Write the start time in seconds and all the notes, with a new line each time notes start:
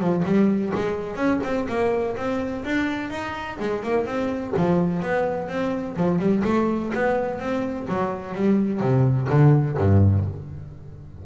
0.00 F3
0.25 G3
0.75 G#3
1.16 C#4
1.44 C4
1.69 A#3
2.17 C4
2.65 D4
3.11 D#4
3.60 G#3
3.83 A#3
4.06 C4
4.57 F3
5.03 B3
5.48 C4
5.97 F3
6.19 G3
6.45 A3
6.95 B3
7.40 C4
7.88 F#3
8.35 G3
8.81 C3
9.30 D3
9.78 G2